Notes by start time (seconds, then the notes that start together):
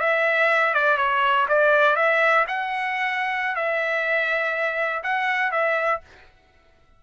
0.00 E5
0.74 D5
0.97 C#5
1.48 D5
1.96 E5
2.48 F#5
3.55 E5
5.03 F#5
5.51 E5